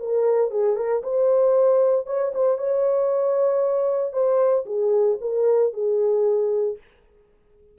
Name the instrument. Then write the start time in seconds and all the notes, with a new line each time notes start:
horn
0.00 A#4
0.51 G#4
0.76 A#4
1.04 C5
2.07 C#5
2.35 C5
2.58 C#5
4.13 C5
4.66 G#4
5.21 A#4
5.73 G#4